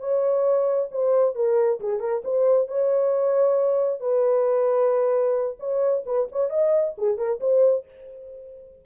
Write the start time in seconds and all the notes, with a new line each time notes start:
0.00 C#5
0.92 C5
1.35 A#4
1.81 G#4
2.00 A#4
2.25 C5
2.68 C#5
4.01 B4
5.60 C#5
6.06 B4
6.32 C#5
6.50 D#5
6.98 G#4
7.18 A#4
7.40 C5